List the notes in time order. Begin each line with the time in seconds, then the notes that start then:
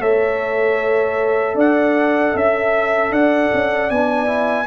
0.00 A3 A4 C#5 E5
1.54 D4 D5 F#5
2.33 C#4 E5
3.11 D4 D5 F#5
3.54 C#4
3.90 B3 D4 G#5
4.26 E4